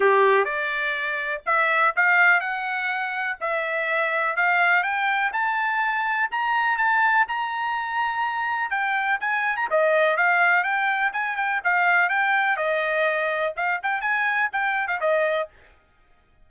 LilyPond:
\new Staff \with { instrumentName = "trumpet" } { \time 4/4 \tempo 4 = 124 g'4 d''2 e''4 | f''4 fis''2 e''4~ | e''4 f''4 g''4 a''4~ | a''4 ais''4 a''4 ais''4~ |
ais''2 g''4 gis''8. ais''16 | dis''4 f''4 g''4 gis''8 g''8 | f''4 g''4 dis''2 | f''8 g''8 gis''4 g''8. f''16 dis''4 | }